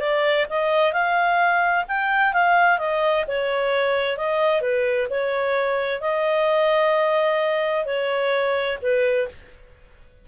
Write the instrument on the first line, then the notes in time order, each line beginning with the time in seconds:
clarinet
0.00 D5
0.50 D#5
0.93 F5
1.88 G5
2.33 F5
2.79 D#5
3.28 C#5
4.17 D#5
4.61 B4
5.10 C#5
6.01 D#5
7.86 C#5
8.82 B4